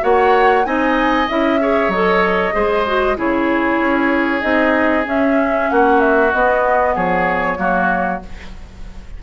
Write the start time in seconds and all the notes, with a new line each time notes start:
0.00 A#3 F#4 C#5 F#5
0.64 C4 D#4 D#5 G#5
1.28 C#4 E4 E5
1.60 G#4 C#5
1.88 F#3 A4 D#5
2.52 G#3 G#4 C5
2.86 F#4
3.16 C#3 E4 G#4 C#5
3.78 C#4
4.41 C4 D#4 D#5
5.04 C#4 E5
5.70 A#3 F#4 F#5
6.00 E5
6.32 B3 D#5
6.94 F3 G#4 C#5
7.56 F#3 A#3 F#4